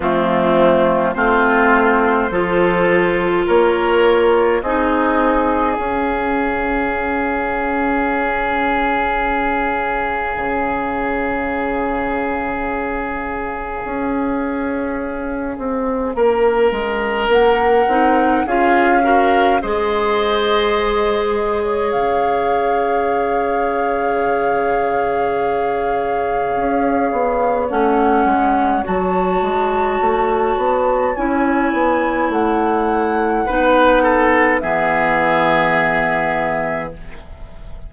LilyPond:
<<
  \new Staff \with { instrumentName = "flute" } { \time 4/4 \tempo 4 = 52 f'4 c''2 cis''4 | dis''4 f''2.~ | f''1~ | f''2. fis''4 |
f''4 dis''2 f''4~ | f''1 | fis''4 a''2 gis''4 | fis''2 e''2 | }
  \new Staff \with { instrumentName = "oboe" } { \time 4/4 c'4 f'4 a'4 ais'4 | gis'1~ | gis'1~ | gis'2 ais'2 |
gis'8 ais'8 c''4.~ c''16 cis''4~ cis''16~ | cis''1~ | cis''1~ | cis''4 b'8 a'8 gis'2 | }
  \new Staff \with { instrumentName = "clarinet" } { \time 4/4 a4 c'4 f'2 | dis'4 cis'2.~ | cis'1~ | cis'2.~ cis'8 dis'8 |
f'8 fis'8 gis'2.~ | gis'1 | cis'4 fis'2 e'4~ | e'4 dis'4 b2 | }
  \new Staff \with { instrumentName = "bassoon" } { \time 4/4 f4 a4 f4 ais4 | c'4 cis'2.~ | cis'4 cis2. | cis'4. c'8 ais8 gis8 ais8 c'8 |
cis'4 gis2 cis4~ | cis2. cis'8 b8 | a8 gis8 fis8 gis8 a8 b8 cis'8 b8 | a4 b4 e2 | }
>>